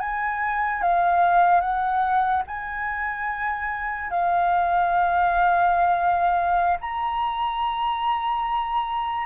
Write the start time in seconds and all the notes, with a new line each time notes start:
0.00 G#5
0.82 F5
1.61 F#5
2.47 G#5
4.11 F5
6.81 A#5